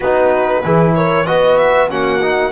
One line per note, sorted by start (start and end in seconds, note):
0.00 0.64 B3
0.00 0.64 D#4
0.00 0.62 F#4
0.00 0.93 B4
0.63 1.28 E3
0.63 1.26 E4
0.63 0.95 G#4
0.94 1.26 A#4
0.94 1.26 C#5
1.26 1.91 B3
1.26 1.89 F#4
1.26 1.89 B4
1.26 1.57 D#5
1.57 1.88 E5
1.89 2.52 A#3
1.89 2.21 C#4
1.89 2.52 F#4
1.89 2.52 F#5
2.22 2.52 D#4